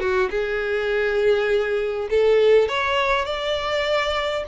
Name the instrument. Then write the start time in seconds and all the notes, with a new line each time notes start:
violin
0.00 F#4
0.31 G#4
2.10 A4
2.69 C#5
3.25 D5